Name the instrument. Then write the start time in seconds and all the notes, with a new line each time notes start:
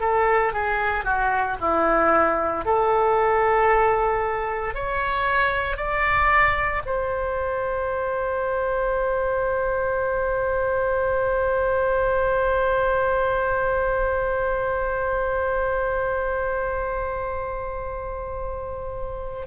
oboe
0.00 A4
0.53 G#4
1.04 F#4
1.60 E4
2.65 A4
4.74 C#5
5.76 D5
6.85 C5